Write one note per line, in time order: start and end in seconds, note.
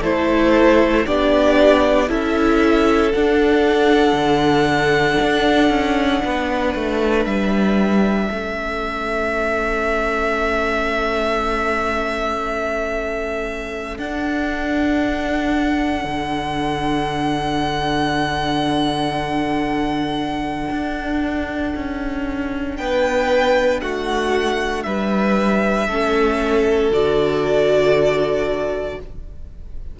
0.00 1.05 A3
0.00 1.06 E4
0.00 1.03 A4
0.00 1.06 C5
1.06 2.09 B3
1.06 2.08 D4
1.06 2.09 G4
1.06 2.09 D5
2.08 3.13 C#4
2.08 3.11 E4
2.08 6.23 A4
2.08 3.12 E5
3.12 8.31 D4
3.12 4.12 D4
3.12 7.25 F#5
4.12 5.16 D3
5.22 5.69 D4
5.69 6.21 C#4
6.24 6.75 B3
6.24 8.28 B4
6.75 7.25 A3
7.25 8.29 G3
7.25 13.97 E5
8.28 13.98 A3
8.28 14.00 C#4
8.28 22.76 A4
13.98 16.04 D4
13.98 25.89 D4
13.98 22.76 F#5
16.04 20.69 D3
20.70 21.73 D4
21.75 22.79 C#4
22.76 23.82 B3
22.76 23.81 B4
22.76 23.80 G5
23.81 24.85 A3
23.81 24.85 F#4
23.81 24.83 F#5
24.83 25.87 G3
24.83 25.87 B4
24.83 26.89 E5
25.87 26.90 A3
25.87 26.92 C#4
25.87 28.97 A4
26.90 28.97 D3
26.90 28.99 F#4
26.90 28.99 D5